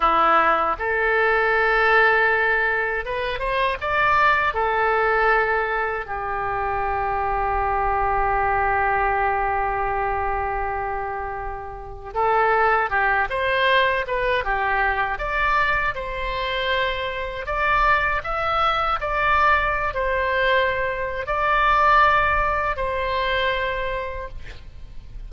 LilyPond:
\new Staff \with { instrumentName = "oboe" } { \time 4/4 \tempo 4 = 79 e'4 a'2. | b'8 c''8 d''4 a'2 | g'1~ | g'1 |
a'4 g'8 c''4 b'8 g'4 | d''4 c''2 d''4 | e''4 d''4~ d''16 c''4.~ c''16 | d''2 c''2 | }